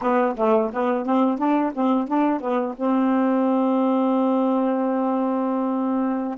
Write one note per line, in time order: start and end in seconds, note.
0.01 0.36 B3
0.36 0.71 A3
0.72 1.05 B3
1.05 1.38 C4
1.38 1.72 D4
1.74 2.07 C4
2.07 2.40 D4
2.40 2.75 B3
2.76 6.38 C4